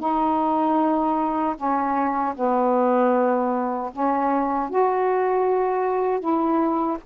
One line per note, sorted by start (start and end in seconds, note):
0.00 1.56 D#4
1.57 2.35 C#4
2.36 3.92 B3
3.93 4.70 C#4
4.70 6.20 F#4
6.20 6.98 E4